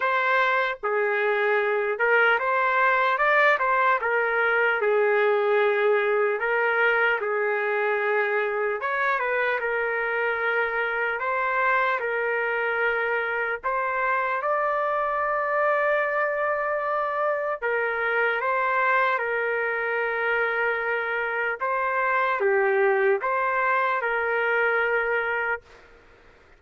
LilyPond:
\new Staff \with { instrumentName = "trumpet" } { \time 4/4 \tempo 4 = 75 c''4 gis'4. ais'8 c''4 | d''8 c''8 ais'4 gis'2 | ais'4 gis'2 cis''8 b'8 | ais'2 c''4 ais'4~ |
ais'4 c''4 d''2~ | d''2 ais'4 c''4 | ais'2. c''4 | g'4 c''4 ais'2 | }